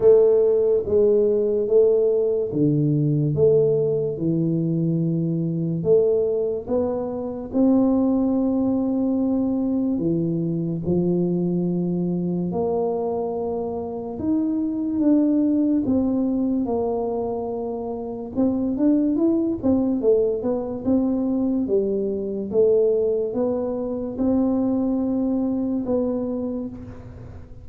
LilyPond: \new Staff \with { instrumentName = "tuba" } { \time 4/4 \tempo 4 = 72 a4 gis4 a4 d4 | a4 e2 a4 | b4 c'2. | e4 f2 ais4~ |
ais4 dis'4 d'4 c'4 | ais2 c'8 d'8 e'8 c'8 | a8 b8 c'4 g4 a4 | b4 c'2 b4 | }